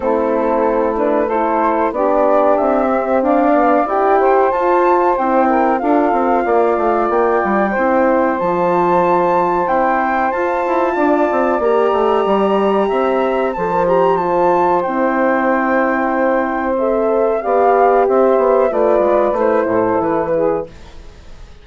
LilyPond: <<
  \new Staff \with { instrumentName = "flute" } { \time 4/4 \tempo 4 = 93 a'4. b'8 c''4 d''4 | e''4 f''4 g''4 a''4 | g''4 f''2 g''4~ | g''4 a''2 g''4 |
a''2 ais''2~ | ais''4 a''8 ais''8 a''4 g''4~ | g''2 e''4 f''4 | e''4 d''4 c''4 b'4 | }
  \new Staff \with { instrumentName = "saxophone" } { \time 4/4 e'2 a'4 g'4~ | g'4 d''4. c''4.~ | c''8 ais'8 a'4 d''2 | c''1~ |
c''4 d''2. | e''4 c''2.~ | c''2. d''4 | c''4 b'4. a'4 gis'8 | }
  \new Staff \with { instrumentName = "horn" } { \time 4/4 c'4. d'8 e'4 d'4~ | d'8 c'4 b8 g'4 f'4 | e'4 f'2. | e'4 f'2 c'4 |
f'2 g'2~ | g'4 a'16 ais'16 g'8 f'4 e'4~ | e'2 a'4 g'4~ | g'4 f'4 e'2 | }
  \new Staff \with { instrumentName = "bassoon" } { \time 4/4 a2. b4 | c'4 d'4 e'4 f'4 | c'4 d'8 c'8 ais8 a8 ais8 g8 | c'4 f2 e'4 |
f'8 e'8 d'8 c'8 ais8 a8 g4 | c'4 f2 c'4~ | c'2. b4 | c'8 b8 a8 gis8 a8 a,8 e4 | }
>>